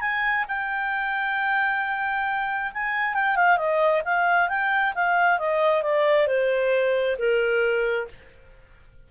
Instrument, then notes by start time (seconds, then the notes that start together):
clarinet
0.00 G#5
0.48 G5
2.73 G#5
3.14 G5
3.36 F5
3.57 D#5
4.05 F5
4.49 G5
4.95 F5
5.38 D#5
5.82 D5
6.27 C5
7.18 A#4